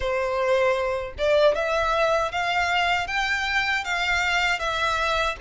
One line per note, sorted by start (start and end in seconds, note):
0.00 1.14 C5
1.17 1.55 D5
1.55 2.31 E5
2.31 3.07 F5
3.07 3.84 G5
3.84 4.59 F5
4.59 5.36 E5